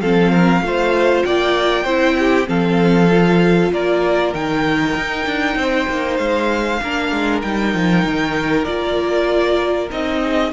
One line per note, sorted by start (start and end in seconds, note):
0.00 0.61 F3
0.00 0.63 C4
0.00 0.32 A4
0.00 1.23 F5
0.32 0.62 A#4
0.61 1.23 A3
0.61 1.86 F4
0.61 1.26 C5
1.23 1.85 A#3
1.23 1.83 D5
1.23 2.47 G5
1.83 2.47 C4
1.83 2.45 E4
1.83 2.14 C5
2.18 2.48 G4
2.45 3.72 F3
2.45 3.07 C4
2.45 3.72 A4
2.45 3.72 F5
3.11 4.34 F4
3.72 4.34 A#3
3.72 5.57 A#4
3.72 4.34 D5
4.34 4.96 D#3
4.34 6.82 D#4
4.34 6.16 G5
4.96 5.25 D#4
5.25 5.55 D4
5.55 5.86 C4
5.55 6.80 C5
5.88 6.19 A#3
6.16 6.80 G#3
6.16 7.40 F5
6.82 7.11 A#3
6.82 7.43 D4
6.82 10.22 A#4
7.11 7.42 G#3
7.41 7.74 G3
7.41 8.66 D#4
7.41 8.64 G5
7.74 8.04 F3
8.04 8.66 D#3
8.64 9.90 A#3
8.64 9.89 F4
8.64 9.88 D5
9.90 10.52 C4
9.90 10.52 D#4
9.90 10.52 D#5
10.22 10.52 G#4